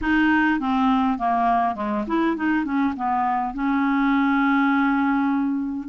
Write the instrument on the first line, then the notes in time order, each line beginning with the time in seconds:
clarinet
0.01 D#4
0.59 C4
1.18 A#3
1.75 G#3
2.07 E4
2.36 D#4
2.64 C#4
2.96 B3
3.54 C#4